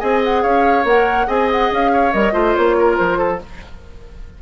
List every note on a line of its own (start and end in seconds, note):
0.00 0.45 C4
0.00 0.86 G#4
0.00 0.43 D#5
0.00 0.21 G#5
0.25 0.43 F#5
0.43 0.85 C#4
0.43 1.27 C#5
0.43 0.86 F5
0.85 1.27 A#3
0.85 1.27 A#4
0.85 1.29 F#5
1.27 1.71 C4
1.27 2.12 G#4
1.27 1.91 D#5
1.27 1.50 G#5
1.52 1.73 F#5
1.72 2.14 C#4
1.72 2.14 F5
1.93 2.34 C#5
2.13 2.34 G3
2.13 2.33 A#4
2.13 2.56 D#5
2.33 2.55 A3
2.33 3.39 F4
2.33 2.76 C5
2.56 3.00 A#3
2.56 2.97 C#5
2.79 3.19 A#4
2.97 3.42 F3
2.97 3.40 C5
3.19 3.40 A4